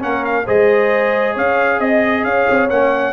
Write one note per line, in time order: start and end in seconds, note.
0.00 0.47 A#3
0.00 0.44 C#4
0.00 0.46 A#4
0.00 0.25 F#5
0.25 0.47 F5
0.46 1.36 G#3
0.46 2.69 G#4
0.46 1.34 C5
0.46 1.37 D#5
1.34 1.80 C#4
1.34 1.78 C#5
1.34 1.80 F5
1.80 2.24 C4
1.80 2.24 D#5
2.24 2.46 C#4
2.24 3.13 C#5
2.24 2.69 F5
2.50 2.70 C4
2.69 3.13 A#3
2.69 3.13 C#4
2.69 3.13 F#5